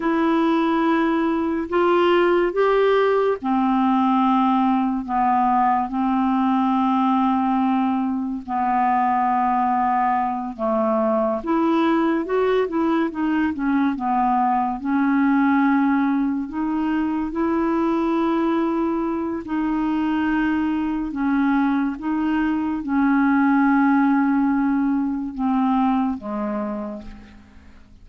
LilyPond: \new Staff \with { instrumentName = "clarinet" } { \time 4/4 \tempo 4 = 71 e'2 f'4 g'4 | c'2 b4 c'4~ | c'2 b2~ | b8 a4 e'4 fis'8 e'8 dis'8 |
cis'8 b4 cis'2 dis'8~ | dis'8 e'2~ e'8 dis'4~ | dis'4 cis'4 dis'4 cis'4~ | cis'2 c'4 gis4 | }